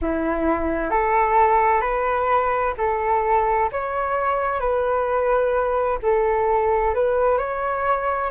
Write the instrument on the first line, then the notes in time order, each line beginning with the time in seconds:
flute
0.01 E4
0.90 A4
1.81 B4
2.77 A4
3.72 C#5
4.59 B4
6.02 A4
6.94 B4
7.38 C#5